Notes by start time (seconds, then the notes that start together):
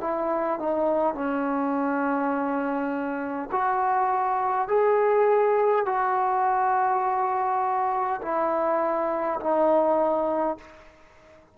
0.00 E4
0.59 D#4
1.14 C#4
3.51 F#4
4.68 G#4
5.85 F#4
8.21 E4
9.40 D#4